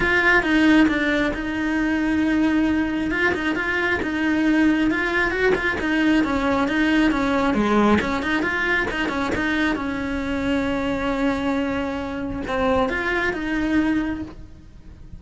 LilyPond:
\new Staff \with { instrumentName = "cello" } { \time 4/4 \tempo 4 = 135 f'4 dis'4 d'4 dis'4~ | dis'2. f'8 dis'8 | f'4 dis'2 f'4 | fis'8 f'8 dis'4 cis'4 dis'4 |
cis'4 gis4 cis'8 dis'8 f'4 | dis'8 cis'8 dis'4 cis'2~ | cis'1 | c'4 f'4 dis'2 | }